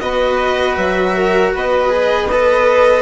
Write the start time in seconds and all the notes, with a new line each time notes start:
0.00 B3 F#4 B4 D#5
0.76 F#3 E5
1.17 A#4
1.54 B3 B4 D#5
1.89 G#4
2.29 A4 B4 D#5